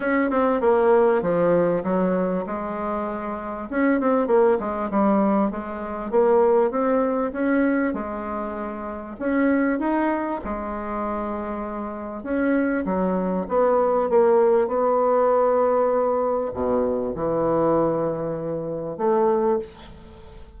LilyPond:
\new Staff \with { instrumentName = "bassoon" } { \time 4/4 \tempo 4 = 98 cis'8 c'8 ais4 f4 fis4 | gis2 cis'8 c'8 ais8 gis8 | g4 gis4 ais4 c'4 | cis'4 gis2 cis'4 |
dis'4 gis2. | cis'4 fis4 b4 ais4 | b2. b,4 | e2. a4 | }